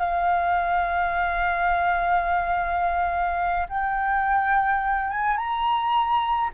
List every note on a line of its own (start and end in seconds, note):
0.00 3.68 F5
3.70 5.11 G5
5.11 5.37 G#5
5.37 6.51 A#5